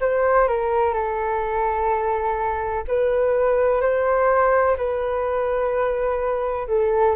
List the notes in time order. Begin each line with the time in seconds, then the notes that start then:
0.00 C5
0.48 A#4
0.93 A4
2.87 B4
3.81 C5
4.77 B4
6.67 A4